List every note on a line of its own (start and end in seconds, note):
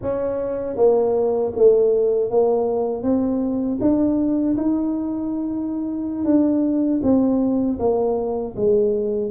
0.01 0.76 C#4
0.76 1.52 A#3
1.56 2.30 A3
2.30 3.02 A#3
3.02 3.78 C4
3.80 4.56 D4
4.56 6.25 D#4
6.25 7.00 D4
7.02 7.78 C4
7.78 8.54 A#3
8.55 9.30 G#3